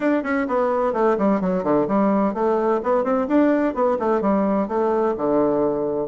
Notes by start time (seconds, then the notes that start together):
0.00 D4
0.23 C#4
0.47 B3
0.93 A3
1.18 G3
1.40 F#3
1.63 D3
1.87 G3
2.34 A3
2.83 B3
3.03 C4
3.28 D4
3.74 B3
3.99 A3
4.21 G3
4.67 A3
5.17 D3